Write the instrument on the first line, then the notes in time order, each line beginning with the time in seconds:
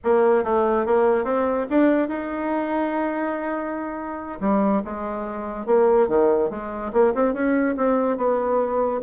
bassoon
0.03 A#3
0.44 A3
0.86 A#3
1.24 C4
1.70 D4
2.08 D#4
4.40 G3
4.84 G#3
5.66 A#3
6.08 D#3
6.49 G#3
6.92 A#3
7.14 C4
7.33 C#4
7.77 C4
8.17 B3